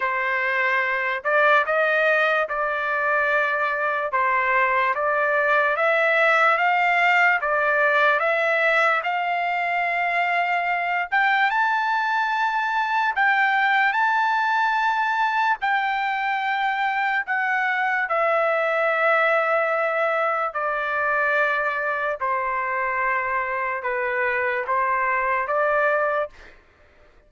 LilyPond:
\new Staff \with { instrumentName = "trumpet" } { \time 4/4 \tempo 4 = 73 c''4. d''8 dis''4 d''4~ | d''4 c''4 d''4 e''4 | f''4 d''4 e''4 f''4~ | f''4. g''8 a''2 |
g''4 a''2 g''4~ | g''4 fis''4 e''2~ | e''4 d''2 c''4~ | c''4 b'4 c''4 d''4 | }